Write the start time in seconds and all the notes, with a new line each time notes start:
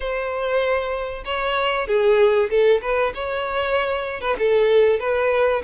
0.00 C5
1.24 C#5
1.87 G#4
2.50 A4
2.81 B4
3.14 C#5
4.20 B4
4.38 A4
4.99 B4